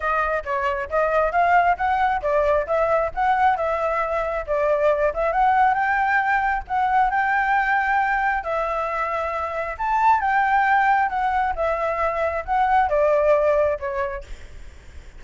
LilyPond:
\new Staff \with { instrumentName = "flute" } { \time 4/4 \tempo 4 = 135 dis''4 cis''4 dis''4 f''4 | fis''4 d''4 e''4 fis''4 | e''2 d''4. e''8 | fis''4 g''2 fis''4 |
g''2. e''4~ | e''2 a''4 g''4~ | g''4 fis''4 e''2 | fis''4 d''2 cis''4 | }